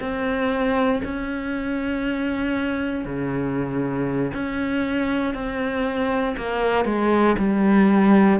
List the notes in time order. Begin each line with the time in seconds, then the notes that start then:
0.00 C4
1.04 C#4
3.05 C#3
4.33 C#4
5.34 C4
6.37 A#3
6.85 G#3
7.38 G3